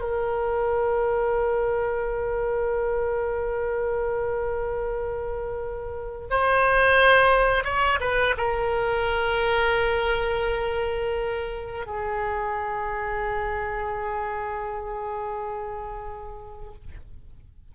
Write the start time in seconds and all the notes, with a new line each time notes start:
0.00 A#4
6.30 C5
7.64 C#5
8.00 B4
8.37 A#4
11.86 G#4